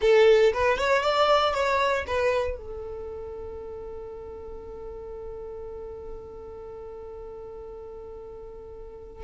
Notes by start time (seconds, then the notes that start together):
0.01 A4
0.53 B4
0.78 C#5
1.02 D5
1.54 C#5
2.07 B4
2.57 A4